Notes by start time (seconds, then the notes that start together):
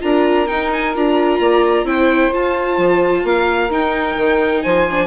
0.00 D4 F4 A#4 A#5
0.46 D#4 G5
0.72 G#5
0.95 D4 F4 A#5
1.39 A#3 D5
1.83 C4 E4 C5 G5
2.31 F4 A5
2.77 F3
3.23 A#3 A#4 F5
3.69 D#4 G5
4.17 D#3
4.62 F3 C5 G#5
4.90 D4